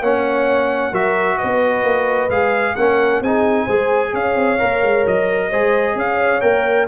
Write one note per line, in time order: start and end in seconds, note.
0.00 0.92 A#3
0.00 0.93 C#4
0.00 0.91 C#5
0.00 0.94 F#5
0.91 1.38 F#3
0.91 2.30 F#4
0.91 1.36 A#4
0.91 1.38 E5
1.38 1.83 B3
1.38 2.75 B4
1.38 2.29 D#5
1.83 2.29 A#3
2.29 2.75 G#3
2.29 2.76 G#4
2.29 2.76 F5
2.76 3.21 A#3
2.76 3.24 C#4
2.76 3.23 A#4
2.76 3.21 F#5
3.21 3.67 C4
3.21 3.69 D#4
3.21 3.64 G#4
3.21 4.14 G#5
3.64 4.13 G#3
3.64 4.59 G#4
3.64 4.10 C5
4.12 4.35 C#4
4.12 5.49 C#5
4.12 5.06 F5
4.35 4.58 C4
4.59 4.83 A#3
4.59 5.50 A#4
4.83 5.06 G#3
5.06 5.51 F#3
5.06 5.98 D#5
5.49 5.95 G#3
5.49 6.41 G#4
5.49 5.95 C5
5.95 6.41 C#4
5.95 6.87 C#5
5.95 6.41 F5
6.41 6.87 A#3
6.41 6.87 A#4
6.41 6.86 G5